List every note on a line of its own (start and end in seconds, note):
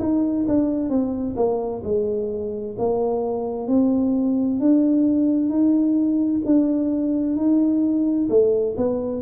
0.00 0.46 D#4
0.48 0.90 D4
0.90 1.36 C4
1.37 1.83 A#3
1.84 2.77 G#3
2.79 3.68 A#3
3.68 4.60 C4
4.60 5.50 D4
5.50 6.42 D#4
6.46 7.36 D4
7.36 8.29 D#4
8.30 8.76 A3
8.77 9.22 B3